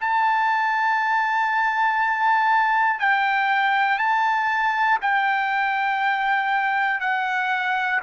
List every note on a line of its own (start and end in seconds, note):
0.00 2.99 A5
2.99 3.98 G5
3.98 4.98 A5
5.01 7.00 G5
7.00 8.00 F#5